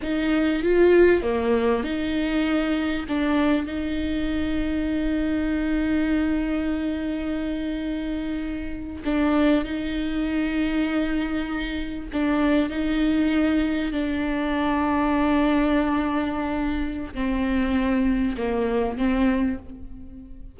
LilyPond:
\new Staff \with { instrumentName = "viola" } { \time 4/4 \tempo 4 = 98 dis'4 f'4 ais4 dis'4~ | dis'4 d'4 dis'2~ | dis'1~ | dis'2~ dis'8. d'4 dis'16~ |
dis'2.~ dis'8. d'16~ | d'8. dis'2 d'4~ d'16~ | d'1 | c'2 ais4 c'4 | }